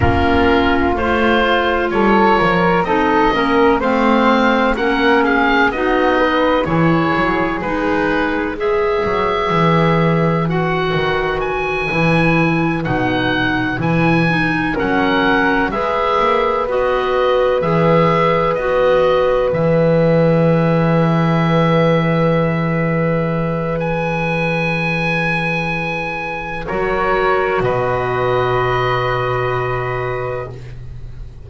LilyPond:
<<
  \new Staff \with { instrumentName = "oboe" } { \time 4/4 \tempo 4 = 63 ais'4 c''4 cis''4 dis''4 | f''4 fis''8 f''8 dis''4 cis''4 | b'4 e''2 fis''4 | gis''4. fis''4 gis''4 fis''8~ |
fis''8 e''4 dis''4 e''4 dis''8~ | dis''8 e''2.~ e''8~ | e''4 gis''2. | cis''4 dis''2. | }
  \new Staff \with { instrumentName = "flute" } { \time 4/4 f'2 a'8 ais'8 a'8 ais'8 | c''4 ais'8 gis'8 fis'8 b'8 gis'4~ | gis'4 b'2.~ | b'2.~ b'8 ais'8~ |
ais'8 b'2.~ b'8~ | b'1~ | b'1 | ais'4 b'2. | }
  \new Staff \with { instrumentName = "clarinet" } { \time 4/4 cis'4 f'2 dis'8 cis'8 | c'4 cis'4 dis'4 e'4 | dis'4 gis'2 fis'4~ | fis'8 e'4 dis'4 e'8 dis'8 cis'8~ |
cis'8 gis'4 fis'4 gis'4 fis'8~ | fis'8 gis'2.~ gis'8~ | gis'1 | fis'1 | }
  \new Staff \with { instrumentName = "double bass" } { \time 4/4 ais4 a4 g8 f8 c'8 ais8 | a4 ais4 b4 e8 fis8 | gis4. fis8 e4. dis8~ | dis8 e4 b,4 e4 fis8~ |
fis8 gis8 ais8 b4 e4 b8~ | b8 e2.~ e8~ | e1 | fis4 b,2. | }
>>